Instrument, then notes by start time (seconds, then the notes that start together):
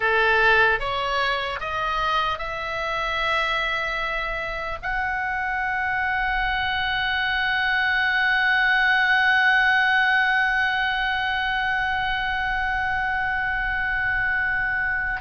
oboe
0.00 A4
0.79 C#5
1.60 D#5
2.38 E5
4.82 F#5